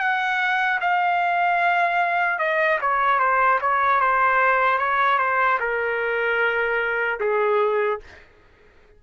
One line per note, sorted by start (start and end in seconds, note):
0.00 0.80 F#5
0.81 2.39 F5
2.39 2.79 D#5
2.81 3.20 C#5
3.20 3.60 C5
3.61 4.01 C#5
4.01 4.79 C5
4.79 5.19 C#5
5.19 5.59 C5
5.60 7.20 A#4
7.20 8.00 G#4